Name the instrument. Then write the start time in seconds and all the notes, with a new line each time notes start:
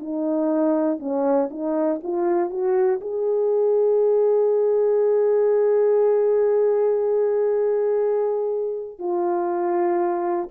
horn
0.00 D#4
1.00 C#4
1.51 D#4
2.04 F4
2.50 F#4
3.01 G#4
8.99 F4